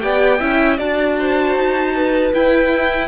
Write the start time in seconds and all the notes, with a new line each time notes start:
0.00 B3 G4 D5 G5
0.39 C#4 E4 E5
0.78 D4 F#4 D5 A5
1.19 C5
1.55 D#4
1.96 B4
2.33 E4 G5